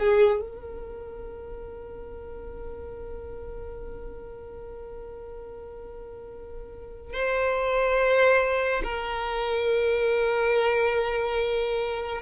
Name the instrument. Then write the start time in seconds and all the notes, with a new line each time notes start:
violin
0.00 G#4
0.41 A#4
7.14 C5
8.84 A#4